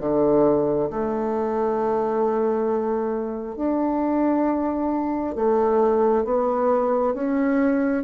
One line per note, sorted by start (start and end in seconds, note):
0.00 0.90 D3
0.90 3.56 A3
3.56 5.35 D4
5.35 6.24 A3
6.24 7.14 B3
7.14 8.04 C#4